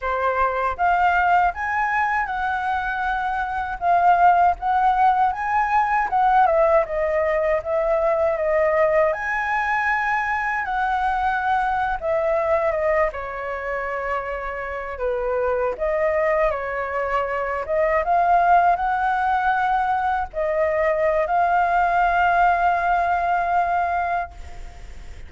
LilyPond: \new Staff \with { instrumentName = "flute" } { \time 4/4 \tempo 4 = 79 c''4 f''4 gis''4 fis''4~ | fis''4 f''4 fis''4 gis''4 | fis''8 e''8 dis''4 e''4 dis''4 | gis''2 fis''4.~ fis''16 e''16~ |
e''8. dis''8 cis''2~ cis''8 b'16~ | b'8. dis''4 cis''4. dis''8 f''16~ | f''8. fis''2 dis''4~ dis''16 | f''1 | }